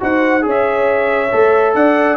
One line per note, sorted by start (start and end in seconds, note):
0.00 0.45 D#4
0.00 0.42 F#4
0.00 0.45 C5
0.00 0.46 F#5
0.42 1.32 C#4
0.42 1.29 G#4
0.42 1.76 C#5
0.50 1.75 E5
1.32 1.74 A3
1.32 2.17 A4
1.74 2.17 D4
1.74 2.17 D5
1.74 2.17 F#5